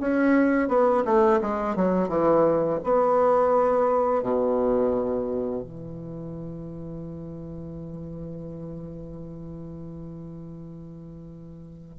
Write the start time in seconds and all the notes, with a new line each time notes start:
0.00 C#4
0.68 B3
1.05 A3
1.41 G#3
1.76 F#3
2.09 E3
2.84 B3
4.23 B2
5.62 E3